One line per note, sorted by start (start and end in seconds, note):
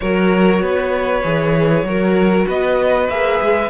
0.00 0.61 F#3
0.00 1.23 F#4
0.00 0.62 A#4
0.00 2.45 C#5
0.61 1.23 B3
0.61 1.86 B4
1.23 1.83 E3
1.23 1.85 G#4
1.83 2.45 F#3
1.83 3.08 F#4
1.83 2.47 A#4
2.47 3.09 B3
2.47 3.70 B4
2.47 3.09 D#5
3.09 3.39 A#3
3.09 3.70 G#4
3.09 3.70 E5
3.41 3.70 G#3